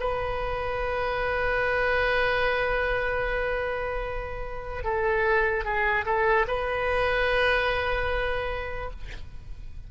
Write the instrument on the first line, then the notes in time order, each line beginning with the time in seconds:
oboe
0.00 B4
4.84 A4
5.65 G#4
6.06 A4
6.48 B4